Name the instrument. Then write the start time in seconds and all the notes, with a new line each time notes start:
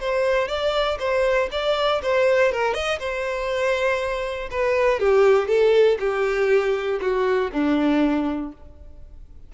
violin
0.00 C5
0.48 D5
0.99 C5
1.52 D5
2.03 C5
2.52 A#4
2.74 D#5
2.99 C5
4.51 B4
5.00 G4
5.48 A4
6.00 G4
7.01 F#4
7.52 D4